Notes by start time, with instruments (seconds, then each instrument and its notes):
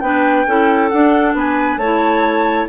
0.00 bassoon B3, clarinet D4 B4, flute G5
0.47 bassoon C#4, clarinet E4 A4
0.89 clarinet D4, bassoon D4, flute F#5
1.34 bassoon B3, clarinet B4, flute G#5
1.77 bassoon A3, clarinet E4 C#5, flute A5